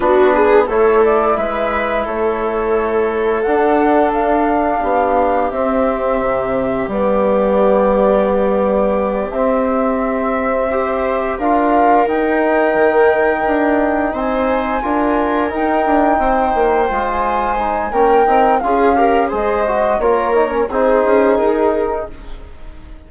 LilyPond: <<
  \new Staff \with { instrumentName = "flute" } { \time 4/4 \tempo 4 = 87 b'4 cis''8 d''8 e''4 cis''4~ | cis''4 fis''4 f''2 | e''2 d''2~ | d''4. e''2~ e''8~ |
e''8 f''4 g''2~ g''8~ | g''8 gis''2 g''4.~ | g''8. gis''4~ gis''16 g''4 f''4 | dis''4 cis''4 c''4 ais'4 | }
  \new Staff \with { instrumentName = "viola" } { \time 4/4 fis'8 gis'8 a'4 b'4 a'4~ | a'2. g'4~ | g'1~ | g'2.~ g'8 c''8~ |
c''8 ais'2.~ ais'8~ | ais'8 c''4 ais'2 c''8~ | c''2 ais'4 gis'8 ais'8 | c''4 ais'4 gis'2 | }
  \new Staff \with { instrumentName = "trombone" } { \time 4/4 d'4 e'2.~ | e'4 d'2. | c'2 b2~ | b4. c'2 g'8~ |
g'8 f'4 dis'2~ dis'8~ | dis'4. f'4 dis'4.~ | dis'8 f'4 dis'8 cis'8 dis'8 f'8 g'8 | gis'8 fis'8 f'8 dis'16 cis'16 dis'2 | }
  \new Staff \with { instrumentName = "bassoon" } { \time 4/4 b4 a4 gis4 a4~ | a4 d'2 b4 | c'4 c4 g2~ | g4. c'2~ c'8~ |
c'8 d'4 dis'4 dis4 d'8~ | d'8 c'4 d'4 dis'8 d'8 c'8 | ais8 gis4. ais8 c'8 cis'4 | gis4 ais4 c'8 cis'8 dis'4 | }
>>